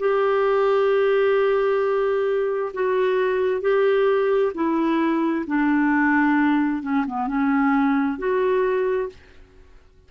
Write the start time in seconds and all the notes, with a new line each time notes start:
0.00 G4
2.74 F#4
3.62 G4
4.55 E4
5.48 D4
6.83 C#4
7.07 B3
7.28 C#4
8.19 F#4